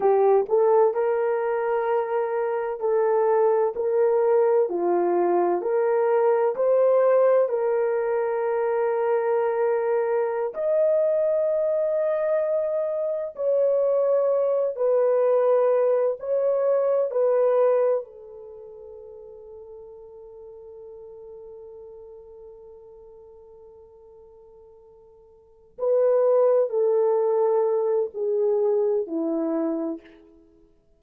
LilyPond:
\new Staff \with { instrumentName = "horn" } { \time 4/4 \tempo 4 = 64 g'8 a'8 ais'2 a'4 | ais'4 f'4 ais'4 c''4 | ais'2.~ ais'16 dis''8.~ | dis''2~ dis''16 cis''4. b'16~ |
b'4~ b'16 cis''4 b'4 a'8.~ | a'1~ | a'2.~ a'8 b'8~ | b'8 a'4. gis'4 e'4 | }